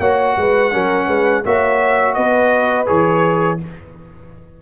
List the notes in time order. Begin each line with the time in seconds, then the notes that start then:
0.00 A#3 F#4 C#5 F#5
0.37 G#3 B4
0.72 F#3 C#4 A#4
1.07 G#3 B4
1.44 A#3 F#4 C#5 E5
2.14 B3 B4 D#5
2.86 E3 G#4 C#5